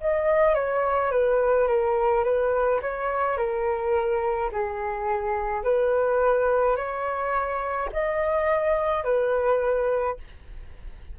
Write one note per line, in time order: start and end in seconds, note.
0.00 0.55 D#5
0.55 1.11 C#5
1.11 1.68 B4
1.68 2.24 A#4
2.24 2.80 B4
2.81 3.37 C#5
3.37 4.50 A#4
4.51 5.63 G#4
5.63 6.76 B4
6.76 7.89 C#5
7.92 9.04 D#5
9.04 10.17 B4